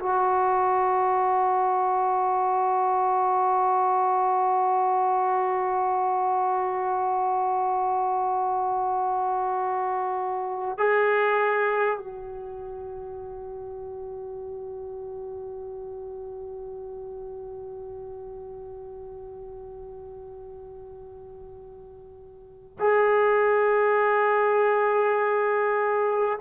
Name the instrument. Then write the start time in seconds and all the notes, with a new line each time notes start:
trombone
0.00 F#4
10.78 G#4
11.98 F#4
22.79 G#4